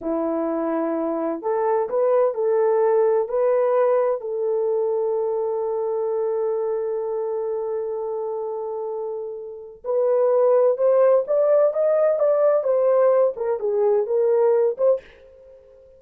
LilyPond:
\new Staff \with { instrumentName = "horn" } { \time 4/4 \tempo 4 = 128 e'2. a'4 | b'4 a'2 b'4~ | b'4 a'2.~ | a'1~ |
a'1~ | a'4 b'2 c''4 | d''4 dis''4 d''4 c''4~ | c''8 ais'8 gis'4 ais'4. c''8 | }